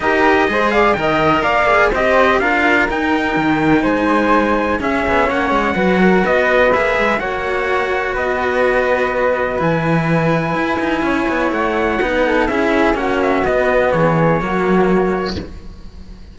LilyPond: <<
  \new Staff \with { instrumentName = "trumpet" } { \time 4/4 \tempo 4 = 125 dis''4. f''8 g''4 f''4 | dis''4 f''4 g''2 | gis''2 e''4 fis''4~ | fis''4 dis''4 e''4 fis''4~ |
fis''4 dis''2. | gis''1 | fis''2 e''4 fis''8 e''8 | dis''4 cis''2. | }
  \new Staff \with { instrumentName = "flute" } { \time 4/4 ais'4 c''8 d''8 dis''4 d''4 | c''4 ais'2. | c''2 gis'4 cis''4 | b'8 ais'8 b'2 cis''4~ |
cis''4 b'2.~ | b'2. cis''4~ | cis''4 b'8 a'8 gis'4 fis'4~ | fis'4 gis'4 fis'2 | }
  \new Staff \with { instrumentName = "cello" } { \time 4/4 g'4 gis'4 ais'4. gis'8 | g'4 f'4 dis'2~ | dis'2 cis'2 | fis'2 gis'4 fis'4~ |
fis'1 | e'1~ | e'4 dis'4 e'4 cis'4 | b2 ais2 | }
  \new Staff \with { instrumentName = "cello" } { \time 4/4 dis'4 gis4 dis4 ais4 | c'4 d'4 dis'4 dis4 | gis2 cis'8 b8 ais8 gis8 | fis4 b4 ais8 gis8 ais4~ |
ais4 b2. | e2 e'8 dis'8 cis'8 b8 | a4 b4 cis'4 ais4 | b4 e4 fis2 | }
>>